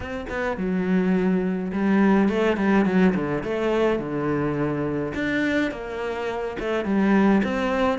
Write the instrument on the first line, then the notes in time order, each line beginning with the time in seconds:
cello
0.00 C4
0.29 B3
0.57 F#3
1.72 G3
2.28 A3
2.57 G3
2.85 F#3
3.14 D3
3.43 A3
3.99 D3
5.14 D4
5.71 A#3
6.59 A3
6.84 G3
7.43 C4